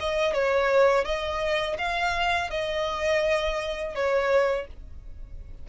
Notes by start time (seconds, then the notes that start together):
0.00 D#5
0.34 C#5
1.05 D#5
1.79 F5
2.51 D#5
3.95 C#5